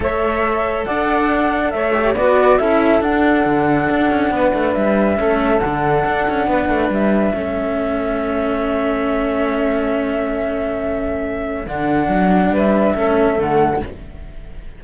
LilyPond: <<
  \new Staff \with { instrumentName = "flute" } { \time 4/4 \tempo 4 = 139 e''2 fis''2 | e''4 d''4 e''4 fis''4~ | fis''2. e''4~ | e''4 fis''2. |
e''1~ | e''1~ | e''2. fis''4~ | fis''4 e''2 fis''4 | }
  \new Staff \with { instrumentName = "saxophone" } { \time 4/4 cis''2 d''2 | cis''4 b'4 a'2~ | a'2 b'2 | a'2. b'4~ |
b'4 a'2.~ | a'1~ | a'1~ | a'4 b'4 a'2 | }
  \new Staff \with { instrumentName = "cello" } { \time 4/4 a'1~ | a'8 g'8 fis'4 e'4 d'4~ | d'1 | cis'4 d'2.~ |
d'4 cis'2.~ | cis'1~ | cis'2. d'4~ | d'2 cis'4 a4 | }
  \new Staff \with { instrumentName = "cello" } { \time 4/4 a2 d'2 | a4 b4 cis'4 d'4 | d4 d'8 cis'8 b8 a8 g4 | a4 d4 d'8 cis'8 b8 a8 |
g4 a2.~ | a1~ | a2. d4 | fis4 g4 a4 d4 | }
>>